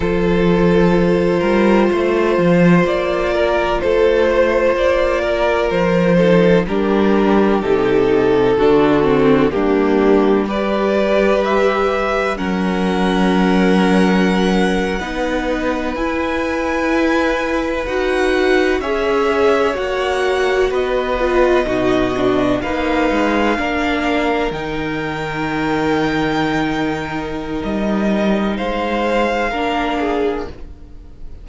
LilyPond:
<<
  \new Staff \with { instrumentName = "violin" } { \time 4/4 \tempo 4 = 63 c''2. d''4 | c''4 d''4 c''4 ais'4 | a'2 g'4 d''4 | e''4 fis''2.~ |
fis''8. gis''2 fis''4 e''16~ | e''8. fis''4 dis''2 f''16~ | f''4.~ f''16 g''2~ g''16~ | g''4 dis''4 f''2 | }
  \new Staff \with { instrumentName = "violin" } { \time 4/4 a'4. ais'8 c''4. ais'8 | a'8 c''4 ais'4 a'8 g'4~ | g'4 fis'4 d'4 b'4~ | b'4 ais'2~ ais'8. b'16~ |
b'2.~ b'8. cis''16~ | cis''4.~ cis''16 b'4 fis'4 b'16~ | b'8. ais'2.~ ais'16~ | ais'2 c''4 ais'8 gis'8 | }
  \new Staff \with { instrumentName = "viola" } { \time 4/4 f'1~ | f'2~ f'8 dis'8 d'4 | dis'4 d'8 c'8 ais4 g'4~ | g'4 cis'2~ cis'8. dis'16~ |
dis'8. e'2 fis'4 gis'16~ | gis'8. fis'4. f'8 dis'8 d'8 dis'16~ | dis'8. d'4 dis'2~ dis'16~ | dis'2. d'4 | }
  \new Staff \with { instrumentName = "cello" } { \time 4/4 f4. g8 a8 f8 ais4 | a4 ais4 f4 g4 | c4 d4 g2~ | g4 fis2~ fis8. b16~ |
b8. e'2 dis'4 cis'16~ | cis'8. ais4 b4 b,4 ais16~ | ais16 gis8 ais4 dis2~ dis16~ | dis4 g4 gis4 ais4 | }
>>